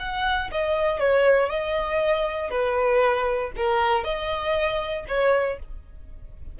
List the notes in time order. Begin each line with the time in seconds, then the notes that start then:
0.00 F#5
0.52 D#5
1.00 C#5
1.50 D#5
2.51 B4
3.57 A#4
4.04 D#5
5.08 C#5